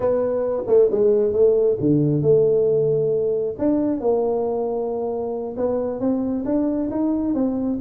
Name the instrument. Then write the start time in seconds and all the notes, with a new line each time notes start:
tuba
0.00 B3
0.67 A3
0.91 G#3
1.33 A3
1.80 D3
2.22 A3
3.58 D4
4.00 A#3
5.56 B3
6.00 C4
6.45 D4
6.91 D#4
7.34 C4